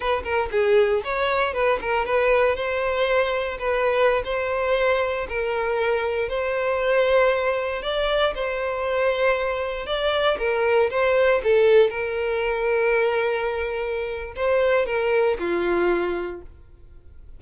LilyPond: \new Staff \with { instrumentName = "violin" } { \time 4/4 \tempo 4 = 117 b'8 ais'8 gis'4 cis''4 b'8 ais'8 | b'4 c''2 b'4~ | b'16 c''2 ais'4.~ ais'16~ | ais'16 c''2. d''8.~ |
d''16 c''2. d''8.~ | d''16 ais'4 c''4 a'4 ais'8.~ | ais'1 | c''4 ais'4 f'2 | }